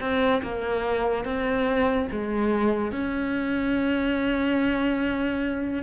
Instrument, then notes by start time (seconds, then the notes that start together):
cello
0.00 C4
0.42 A#3
1.25 C4
2.11 G#3
2.92 C#4